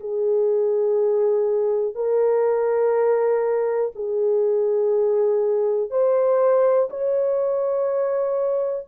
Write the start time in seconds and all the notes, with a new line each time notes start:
0.00 G#4
1.94 A#4
3.95 G#4
5.90 C5
6.89 C#5